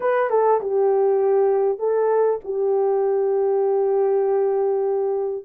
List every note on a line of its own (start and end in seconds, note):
0.00 0.30 B4
0.30 0.60 A4
0.61 1.79 G4
1.79 2.39 A4
2.44 5.45 G4